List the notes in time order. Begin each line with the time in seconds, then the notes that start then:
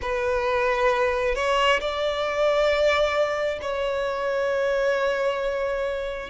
0.01 B4
1.35 C#5
1.80 D5
3.61 C#5